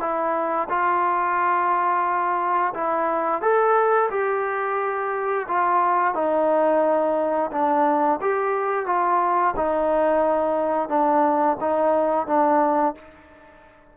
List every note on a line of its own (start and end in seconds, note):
0.00 0.68 E4
0.69 2.74 F4
2.74 3.42 E4
3.42 4.10 A4
4.11 5.47 G4
5.48 6.15 F4
6.15 7.51 D#4
7.52 8.20 D4
8.21 8.86 G4
8.86 9.55 F4
9.57 10.89 D#4
10.89 11.57 D4
11.61 12.27 D#4
12.27 12.95 D4